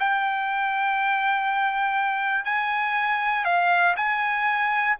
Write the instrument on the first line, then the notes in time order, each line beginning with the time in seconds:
trumpet
0.00 G5
2.45 G#5
3.45 F5
3.97 G#5